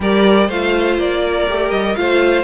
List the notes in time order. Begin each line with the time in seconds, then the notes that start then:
0.00 G3 G4 A#4 D5
0.47 A3 F4 C5 F5
0.98 A#3 D5
1.23 A#4
1.48 A3 G4
1.71 G3 D#5
1.95 A3 F4 C5 F5